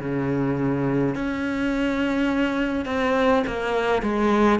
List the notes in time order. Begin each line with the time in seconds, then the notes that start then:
0.00 C#3
1.15 C#4
2.86 C4
3.47 A#3
4.02 G#3